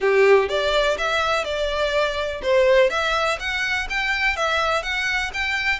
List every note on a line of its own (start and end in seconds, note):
0.00 0.48 G4
0.48 0.97 D5
0.97 1.44 E5
1.44 2.41 D5
2.42 2.90 C5
2.90 3.38 E5
3.39 3.87 F#5
3.89 4.36 G5
4.36 4.83 E5
4.83 5.31 F#5
5.33 5.79 G5